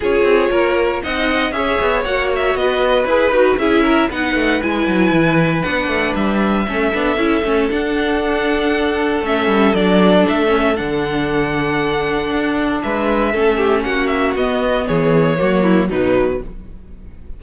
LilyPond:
<<
  \new Staff \with { instrumentName = "violin" } { \time 4/4 \tempo 4 = 117 cis''2 fis''4 e''4 | fis''8 e''8 dis''4 b'4 e''4 | fis''4 gis''2 fis''4 | e''2. fis''4~ |
fis''2 e''4 d''4 | e''4 fis''2.~ | fis''4 e''2 fis''8 e''8 | dis''4 cis''2 b'4 | }
  \new Staff \with { instrumentName = "violin" } { \time 4/4 gis'4 ais'4 dis''4 cis''4~ | cis''4 b'2 gis'8 ais'8 | b'1~ | b'4 a'2.~ |
a'1~ | a'1~ | a'4 b'4 a'8 g'8 fis'4~ | fis'4 gis'4 fis'8 e'8 dis'4 | }
  \new Staff \with { instrumentName = "viola" } { \time 4/4 f'2 dis'4 gis'4 | fis'2 gis'8 fis'8 e'4 | dis'4 e'2 d'4~ | d'4 cis'8 d'8 e'8 cis'8 d'4~ |
d'2 cis'4 d'4~ | d'8 cis'8 d'2.~ | d'2 cis'2 | b2 ais4 fis4 | }
  \new Staff \with { instrumentName = "cello" } { \time 4/4 cis'8 c'8 ais4 c'4 cis'8 b8 | ais4 b4 e'8 dis'8 cis'4 | b8 a8 gis8 fis8 e4 b8 a8 | g4 a8 b8 cis'8 a8 d'4~ |
d'2 a8 g8 fis4 | a4 d2. | d'4 gis4 a4 ais4 | b4 e4 fis4 b,4 | }
>>